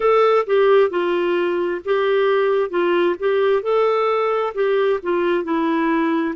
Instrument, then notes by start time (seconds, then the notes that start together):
clarinet
0.00 A4
0.46 G4
0.90 F4
1.84 G4
2.70 F4
3.19 G4
3.62 A4
4.54 G4
5.02 F4
5.43 E4